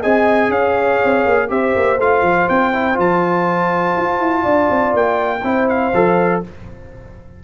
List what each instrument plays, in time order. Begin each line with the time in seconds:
0.00 tuba C4, trombone G#4, horn D#5, trumpet G#5
0.49 tuba C#4, horn C#5, trumpet F5
1.04 tuba C4
1.25 tuba A#3
1.48 tuba C4, trombone G4, horn C5, trumpet E5
1.75 tuba A#3
1.99 tuba A3, trombone F4, trumpet F5
2.22 tuba F3
2.49 tuba C4, trumpet G5
2.73 trombone E4
2.93 tuba F3, trombone F4
2.99 trumpet A5
3.97 tuba F4
4.19 tuba E4
4.42 tuba D4, horn D5
4.70 tuba C4
4.93 tuba A#3, trumpet G5
5.43 tuba C4, trombone E4, horn C5
5.68 trumpet F5
5.93 tuba F3, trombone A4